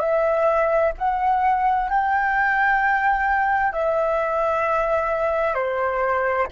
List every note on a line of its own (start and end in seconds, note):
0.00 0.92 E5
0.98 1.90 F#5
1.90 3.73 G5
3.73 5.55 E5
5.55 6.47 C5